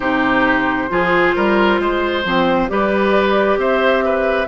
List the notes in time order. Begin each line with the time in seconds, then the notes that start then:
0.00 C3 D#4 G4 C5
0.89 F3 F4 G#4
1.35 G3 A#4
1.79 G#3 C5
2.24 F3 C4
2.68 G3 G4 B4 D5
3.57 C4 C5 E5
4.04 B4